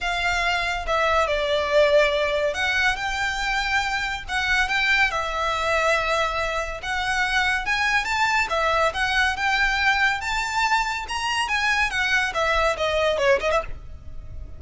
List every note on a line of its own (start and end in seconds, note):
0.00 0.85 F5
0.86 1.27 E5
1.27 2.54 D5
2.54 2.96 F#5
2.96 4.23 G5
4.28 4.68 F#5
4.68 5.10 G5
5.10 6.81 E5
6.82 7.65 F#5
7.65 8.04 G#5
8.04 8.47 A5
8.49 8.92 E5
8.93 9.36 F#5
9.36 10.20 G5
10.20 11.05 A5
11.08 11.48 A#5
11.48 11.90 G#5
11.90 12.32 F#5
12.33 12.76 E5
12.77 13.18 D#5
13.18 13.39 C#5
13.40 13.51 D#5
13.51 13.62 E5